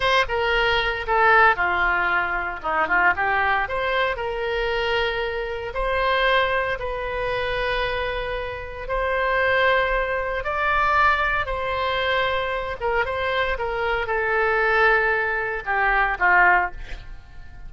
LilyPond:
\new Staff \with { instrumentName = "oboe" } { \time 4/4 \tempo 4 = 115 c''8 ais'4. a'4 f'4~ | f'4 dis'8 f'8 g'4 c''4 | ais'2. c''4~ | c''4 b'2.~ |
b'4 c''2. | d''2 c''2~ | c''8 ais'8 c''4 ais'4 a'4~ | a'2 g'4 f'4 | }